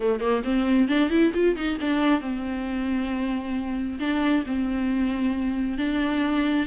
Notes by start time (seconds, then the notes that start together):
0.00 A3
0.20 A#3
0.44 C4
0.88 D4
1.10 E4
1.34 F4
1.56 D#4
1.80 D4
2.21 C4
3.99 D4
4.46 C4
5.78 D4